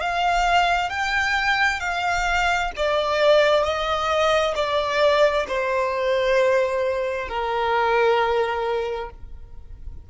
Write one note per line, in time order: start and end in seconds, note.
0.00 0.89 F5
0.89 1.80 G5
1.80 2.71 F5
2.76 3.63 D5
3.63 4.54 D#5
4.55 5.45 D5
5.47 7.28 C5
7.28 9.10 A#4